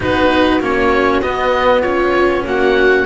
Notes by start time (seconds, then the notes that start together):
0.00 B3 D#4 F#4 B4
0.60 A#3 C#4 C#5
1.21 B3 D#5
1.81 C#4 F4 C#5
2.45 A#3 F#4 F#5